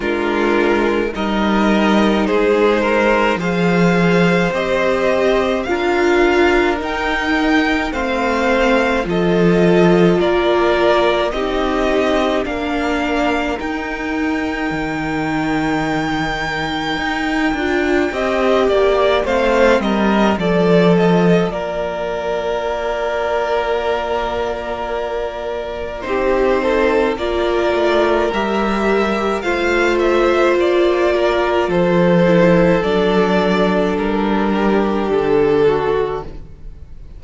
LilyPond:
<<
  \new Staff \with { instrumentName = "violin" } { \time 4/4 \tempo 4 = 53 ais'4 dis''4 c''4 f''4 | dis''4 f''4 g''4 f''4 | dis''4 d''4 dis''4 f''4 | g''1~ |
g''4 f''8 dis''8 d''8 dis''8 d''4~ | d''2. c''4 | d''4 e''4 f''8 e''8 d''4 | c''4 d''4 ais'4 a'4 | }
  \new Staff \with { instrumentName = "violin" } { \time 4/4 f'4 ais'4 gis'8 ais'8 c''4~ | c''4 ais'2 c''4 | a'4 ais'4 g'4 ais'4~ | ais'1 |
dis''8 d''8 c''8 ais'8 a'4 ais'4~ | ais'2. g'8 a'8 | ais'2 c''4. ais'8 | a'2~ a'8 g'4 fis'8 | }
  \new Staff \with { instrumentName = "viola" } { \time 4/4 d'4 dis'2 gis'4 | g'4 f'4 dis'4 c'4 | f'2 dis'4 d'4 | dis'2.~ dis'8 f'8 |
g'4 c'4 f'2~ | f'2. dis'4 | f'4 g'4 f'2~ | f'8 e'8 d'2. | }
  \new Staff \with { instrumentName = "cello" } { \time 4/4 gis4 g4 gis4 f4 | c'4 d'4 dis'4 a4 | f4 ais4 c'4 ais4 | dis'4 dis2 dis'8 d'8 |
c'8 ais8 a8 g8 f4 ais4~ | ais2. c'4 | ais8 a8 g4 a4 ais4 | f4 fis4 g4 d4 | }
>>